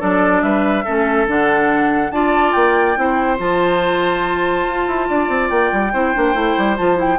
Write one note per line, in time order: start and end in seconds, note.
0.00 0.42 F#3
0.00 0.85 D4
0.00 0.42 A4
0.00 0.43 D5
0.42 0.84 G3
0.42 0.85 B4
0.42 1.27 E5
0.85 1.27 A3
0.85 1.27 C#4
0.85 2.11 A4
1.27 2.11 D3
1.27 2.12 D4
1.27 2.12 F#5
2.11 2.53 D4
2.11 2.96 F4
2.11 2.99 D5
2.11 2.53 A5
2.53 2.97 A#3
2.53 3.37 G5
2.96 3.39 C4
2.96 3.38 E4
2.96 5.09 C5
3.38 4.66 F3
3.38 5.91 F4
3.38 5.50 A5
4.66 4.87 F4
4.87 5.09 E4
5.09 5.29 D4
5.09 5.93 D5
5.29 5.50 C4
5.50 5.72 A#3
5.50 6.77 G5
5.73 5.93 G3
5.93 6.15 C4
5.93 6.14 E4
5.93 7.19 C5
6.14 6.34 A#3
6.14 6.34 D4
6.34 6.56 A3
6.34 6.76 E4
6.58 6.79 G3
6.77 7.19 F3
6.77 6.96 F4
6.77 6.98 A5
6.96 7.17 E4
6.96 7.19 G5